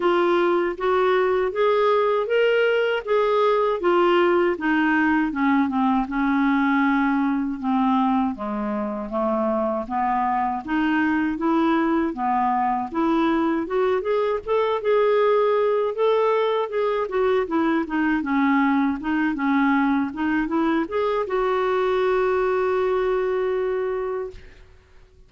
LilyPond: \new Staff \with { instrumentName = "clarinet" } { \time 4/4 \tempo 4 = 79 f'4 fis'4 gis'4 ais'4 | gis'4 f'4 dis'4 cis'8 c'8 | cis'2 c'4 gis4 | a4 b4 dis'4 e'4 |
b4 e'4 fis'8 gis'8 a'8 gis'8~ | gis'4 a'4 gis'8 fis'8 e'8 dis'8 | cis'4 dis'8 cis'4 dis'8 e'8 gis'8 | fis'1 | }